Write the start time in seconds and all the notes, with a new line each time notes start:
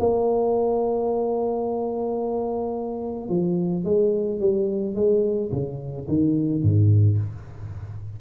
0.00 A#3
3.29 F3
3.85 G#3
4.40 G3
4.95 G#3
5.52 C#3
6.08 D#3
6.63 G#2